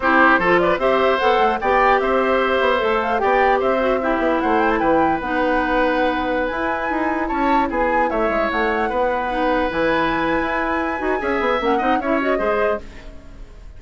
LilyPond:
<<
  \new Staff \with { instrumentName = "flute" } { \time 4/4 \tempo 4 = 150 c''4. d''8 e''4 fis''4 | g''4 e''2~ e''8 f''8 | g''4 e''2 fis''8 g''16 a''16 | g''4 fis''2.~ |
fis''16 gis''2 a''4 gis''8.~ | gis''16 e''4 fis''2~ fis''8.~ | fis''16 gis''2.~ gis''8.~ | gis''4 fis''4 e''8 dis''4. | }
  \new Staff \with { instrumentName = "oboe" } { \time 4/4 g'4 a'8 b'8 c''2 | d''4 c''2. | d''4 c''4 g'4 c''4 | b'1~ |
b'2~ b'16 cis''4 gis'8.~ | gis'16 cis''2 b'4.~ b'16~ | b'1 | e''4. dis''8 cis''4 c''4 | }
  \new Staff \with { instrumentName = "clarinet" } { \time 4/4 e'4 f'4 g'4 a'4 | g'2. a'4 | g'4. fis'8 e'2~ | e'4 dis'2.~ |
dis'16 e'2.~ e'8.~ | e'2.~ e'16 dis'8.~ | dis'16 e'2.~ e'16 fis'8 | gis'4 cis'8 dis'8 e'8 fis'8 gis'4 | }
  \new Staff \with { instrumentName = "bassoon" } { \time 4/4 c'4 f4 c'4 b8 a8 | b4 c'4. b8 a4 | b4 c'4. b8 a4 | e4 b2.~ |
b16 e'4 dis'4 cis'4 b8.~ | b16 a8 gis8 a4 b4.~ b16~ | b16 e4.~ e16 e'4. dis'8 | cis'8 b8 ais8 c'8 cis'4 gis4 | }
>>